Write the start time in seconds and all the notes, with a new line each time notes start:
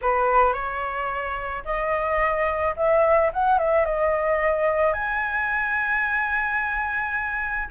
0.01 B4
0.53 C#5
1.64 D#5
2.76 E5
3.33 F#5
3.58 E5
3.85 D#5
4.93 G#5